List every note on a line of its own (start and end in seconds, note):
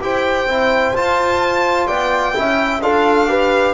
0.00 0.45 E4
0.00 0.47 G4
0.00 1.87 C5
0.00 0.96 G5
0.45 0.92 C4
0.45 0.95 E4
0.93 1.87 F4
0.93 2.33 F4
0.93 1.87 A5
1.87 2.34 B3
1.87 2.34 D5
1.87 2.80 G5
2.33 2.79 C#4
2.33 2.80 E4
2.33 2.83 E5
2.79 3.73 D4
2.79 3.28 F4
2.79 3.29 A4
2.79 3.74 F5
3.28 3.74 G4
3.28 3.74 B4